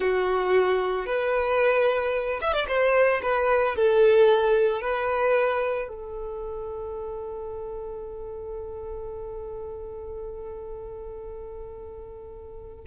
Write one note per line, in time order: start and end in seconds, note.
0.00 1.06 F#4
1.06 2.40 B4
2.41 2.53 E5
2.53 2.66 D5
2.67 3.21 C5
3.22 3.75 B4
3.76 4.81 A4
4.81 5.88 B4
5.88 12.84 A4